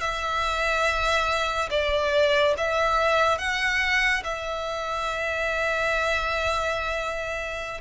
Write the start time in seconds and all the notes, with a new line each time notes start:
0.00 E5
1.70 D5
2.57 E5
3.38 F#5
4.24 E5